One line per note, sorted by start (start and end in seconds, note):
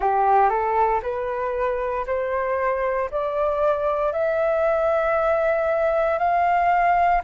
0.00 0.49 G4
0.49 1.01 A4
1.02 2.05 B4
2.06 3.09 C5
3.10 4.12 D5
4.12 6.18 E5
6.18 7.21 F5